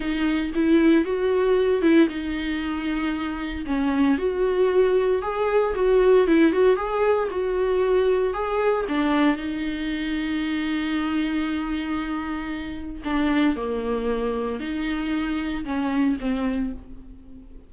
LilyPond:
\new Staff \with { instrumentName = "viola" } { \time 4/4 \tempo 4 = 115 dis'4 e'4 fis'4. e'8 | dis'2. cis'4 | fis'2 gis'4 fis'4 | e'8 fis'8 gis'4 fis'2 |
gis'4 d'4 dis'2~ | dis'1~ | dis'4 d'4 ais2 | dis'2 cis'4 c'4 | }